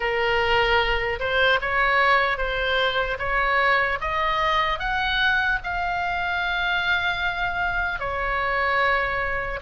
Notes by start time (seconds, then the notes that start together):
0.00 A#4
1.19 C5
1.61 C#5
2.37 C5
3.19 C#5
4.00 D#5
4.79 F#5
5.63 F5
7.99 C#5